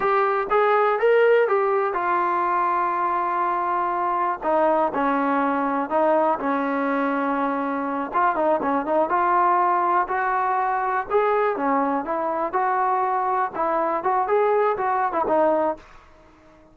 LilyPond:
\new Staff \with { instrumentName = "trombone" } { \time 4/4 \tempo 4 = 122 g'4 gis'4 ais'4 g'4 | f'1~ | f'4 dis'4 cis'2 | dis'4 cis'2.~ |
cis'8 f'8 dis'8 cis'8 dis'8 f'4.~ | f'8 fis'2 gis'4 cis'8~ | cis'8 e'4 fis'2 e'8~ | e'8 fis'8 gis'4 fis'8. e'16 dis'4 | }